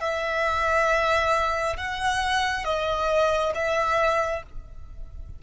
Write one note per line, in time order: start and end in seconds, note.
0.00 1.76 E5
1.77 2.64 F#5
2.64 3.53 D#5
3.55 4.43 E5